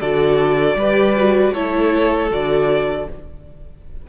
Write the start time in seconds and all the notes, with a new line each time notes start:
0.00 D3 F#4 A4 D5
0.75 G3 G4 B4
1.17 F#4
1.53 A3 E4 A4 C#5
2.30 D3 F#4 D5